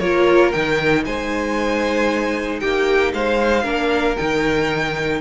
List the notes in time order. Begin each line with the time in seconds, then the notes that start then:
0.00 A#3 F4 A#4 C#5
0.52 D#3 D#4 G5
1.05 G#3 C5 G#5
2.60 A#3 G4 G5
3.14 G#3 C5 F5
3.64 A#3 D4 A#4
4.17 D#3 D#4 G5